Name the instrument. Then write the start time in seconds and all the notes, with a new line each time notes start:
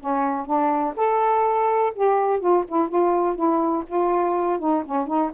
saxophone
0.00 C#4
0.46 D4
0.96 A4
1.95 G4
2.40 F4
2.68 E4
2.89 F4
3.35 E4
3.87 F4
4.59 D#4
4.86 C#4
5.07 D#4